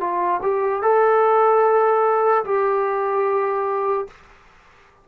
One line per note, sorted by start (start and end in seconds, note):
0.00 0.41 F4
0.42 0.82 G4
0.82 2.44 A4
2.44 4.07 G4